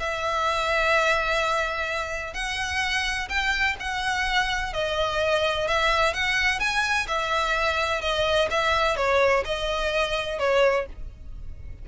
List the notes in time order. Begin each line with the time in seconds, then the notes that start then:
0.00 E5
2.34 F#5
3.29 G5
3.80 F#5
4.73 D#5
5.68 E5
6.14 F#5
6.60 G#5
7.08 E5
8.01 D#5
8.51 E5
8.97 C#5
9.45 D#5
10.39 C#5